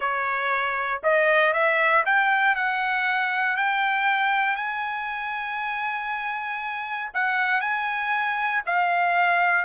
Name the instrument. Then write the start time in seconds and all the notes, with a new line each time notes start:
trumpet
0.00 C#5
1.03 D#5
1.53 E5
2.05 G5
2.55 F#5
3.56 G5
4.56 G#5
7.14 F#5
7.60 G#5
8.66 F5